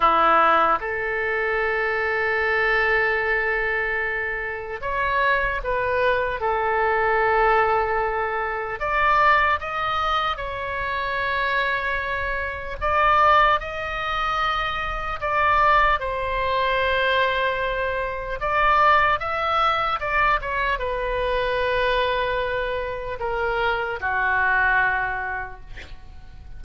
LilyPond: \new Staff \with { instrumentName = "oboe" } { \time 4/4 \tempo 4 = 75 e'4 a'2.~ | a'2 cis''4 b'4 | a'2. d''4 | dis''4 cis''2. |
d''4 dis''2 d''4 | c''2. d''4 | e''4 d''8 cis''8 b'2~ | b'4 ais'4 fis'2 | }